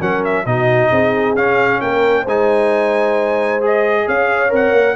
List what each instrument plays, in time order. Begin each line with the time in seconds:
0.00 tuba F#3, trombone C#4, horn A#4, trumpet F#5
0.24 trumpet E5
0.45 tuba B2, trombone D#4, horn F#4, trumpet D#5
0.90 tuba C4, horn G#4
1.35 tuba C#4, trombone C#4, trumpet F5
1.81 tuba A#3, horn A#4, trumpet G5
2.22 tuba G#3, trombone D#4, horn C5, trumpet G#5
3.61 trombone G#4, trumpet D#5
4.06 tuba C#4, horn C#5, trumpet F5
4.48 tuba C4, trombone A#4
4.55 trumpet F#5
4.72 tuba A#3